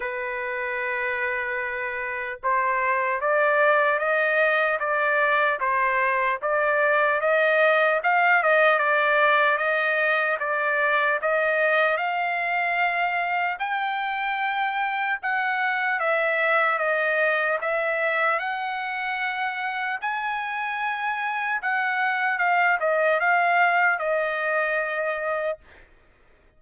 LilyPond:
\new Staff \with { instrumentName = "trumpet" } { \time 4/4 \tempo 4 = 75 b'2. c''4 | d''4 dis''4 d''4 c''4 | d''4 dis''4 f''8 dis''8 d''4 | dis''4 d''4 dis''4 f''4~ |
f''4 g''2 fis''4 | e''4 dis''4 e''4 fis''4~ | fis''4 gis''2 fis''4 | f''8 dis''8 f''4 dis''2 | }